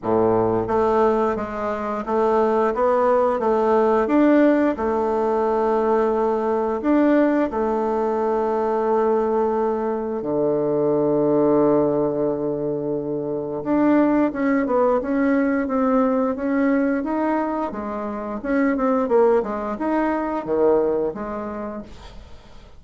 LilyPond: \new Staff \with { instrumentName = "bassoon" } { \time 4/4 \tempo 4 = 88 a,4 a4 gis4 a4 | b4 a4 d'4 a4~ | a2 d'4 a4~ | a2. d4~ |
d1 | d'4 cis'8 b8 cis'4 c'4 | cis'4 dis'4 gis4 cis'8 c'8 | ais8 gis8 dis'4 dis4 gis4 | }